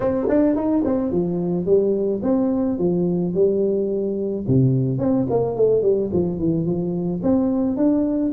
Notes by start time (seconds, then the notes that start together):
0.00 C4
0.29 D4
0.55 D#4
0.84 C4
1.11 F3
1.65 G3
2.22 C4
2.78 F3
3.34 G3
4.47 C3
4.98 C4
5.30 A#3
5.56 A3
5.82 G3
6.13 F3
6.38 E3
6.65 F3
7.22 C4
7.76 D4